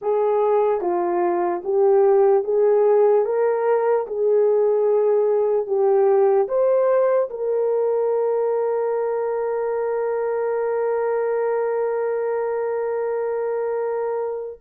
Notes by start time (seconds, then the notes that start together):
0.01 G#4
0.81 F4
1.64 G4
2.44 G#4
3.25 A#4
4.07 G#4
5.66 G4
6.48 C5
7.30 A#4